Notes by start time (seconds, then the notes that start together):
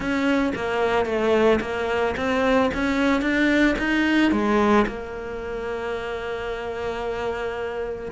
0.00 C#4
0.55 A#3
1.05 A3
1.61 A#3
2.16 C4
2.74 C#4
3.21 D4
3.78 D#4
4.31 G#3
4.87 A#3